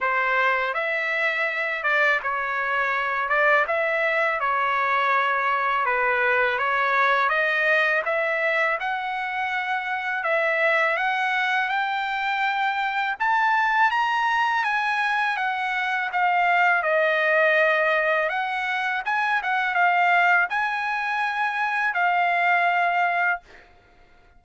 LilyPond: \new Staff \with { instrumentName = "trumpet" } { \time 4/4 \tempo 4 = 82 c''4 e''4. d''8 cis''4~ | cis''8 d''8 e''4 cis''2 | b'4 cis''4 dis''4 e''4 | fis''2 e''4 fis''4 |
g''2 a''4 ais''4 | gis''4 fis''4 f''4 dis''4~ | dis''4 fis''4 gis''8 fis''8 f''4 | gis''2 f''2 | }